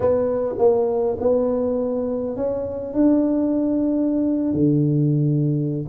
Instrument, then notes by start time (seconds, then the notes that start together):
tuba
0.00 B3
0.58 A#3
1.20 B3
2.36 C#4
2.93 D4
4.53 D3